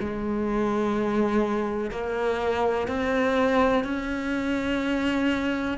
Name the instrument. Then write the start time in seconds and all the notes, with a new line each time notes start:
cello
0.00 G#3
1.91 A#3
2.88 C4
3.84 C#4